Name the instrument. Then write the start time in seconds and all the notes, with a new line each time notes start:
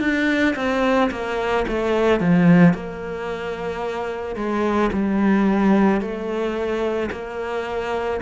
cello
0.00 D4
0.56 C4
1.11 A#3
1.68 A3
2.20 F3
2.74 A#3
4.35 G#3
4.92 G3
6.00 A3
7.11 A#3